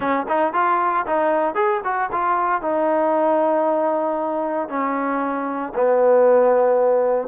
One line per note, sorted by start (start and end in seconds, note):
0.00 0.26 C#4
0.28 0.53 D#4
0.53 1.05 F4
1.06 1.54 D#4
1.54 1.80 G#4
1.84 2.10 F#4
2.12 2.61 F4
2.61 4.69 D#4
4.69 5.73 C#4
5.74 7.28 B3